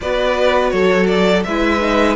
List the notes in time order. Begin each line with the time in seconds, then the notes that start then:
0.01 B3 F#4 B4 D5
0.70 F#3 A4 C#5
1.06 D5
1.43 G#3 E4 B4 E5
1.80 D#4